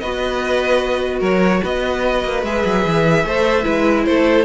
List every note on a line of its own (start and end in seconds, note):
0.00 1.21 B3
0.00 2.46 F#4
0.00 1.20 B4
0.00 1.22 D#5
1.20 1.62 F#3
1.20 1.60 A#4
1.20 1.64 C#5
1.63 2.24 B3
1.63 3.25 B4
1.63 2.44 D#5
2.24 2.43 A#3
2.43 2.63 G#3
2.43 3.26 G#4
2.43 4.05 E5
2.65 2.85 F#3
2.85 3.24 E3
3.24 3.65 A3
3.24 3.64 A4
3.24 3.65 C5
3.64 4.06 G#3
3.64 4.45 E4
3.64 4.05 B4
4.05 4.45 A3
4.05 4.45 A4
4.05 4.45 C5